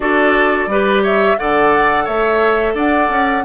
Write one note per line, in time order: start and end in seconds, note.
0.00 0.66 D4
0.00 0.69 F#4
0.00 0.70 A4
0.00 1.03 D5
0.66 1.35 G3
0.66 1.37 G4
0.66 1.02 B4
1.02 1.37 C#5
1.02 1.38 E5
1.37 2.07 D3
1.37 3.44 A4
1.37 2.04 D5
1.37 2.06 F#5
2.04 2.74 A3
2.04 2.73 C#5
2.04 2.75 E5
2.74 3.08 D4
2.74 3.43 D5
2.74 3.45 F#5
3.09 3.43 C#4